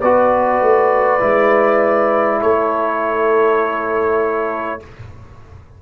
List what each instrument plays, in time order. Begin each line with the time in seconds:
0.00 tuba B3, trombone F#4, horn B4, trumpet D5
0.61 tuba A3
1.20 tuba G#3, trombone E4
2.41 tuba A3, horn A4, trumpet C#5